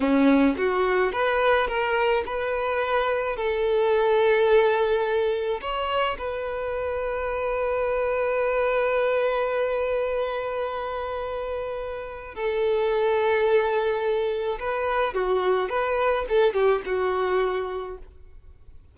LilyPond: \new Staff \with { instrumentName = "violin" } { \time 4/4 \tempo 4 = 107 cis'4 fis'4 b'4 ais'4 | b'2 a'2~ | a'2 cis''4 b'4~ | b'1~ |
b'1~ | b'2 a'2~ | a'2 b'4 fis'4 | b'4 a'8 g'8 fis'2 | }